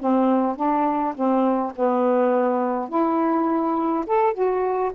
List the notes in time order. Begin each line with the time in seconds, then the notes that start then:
0.00 C4
0.56 D4
1.15 C4
1.76 B3
2.89 E4
4.07 A4
4.34 F#4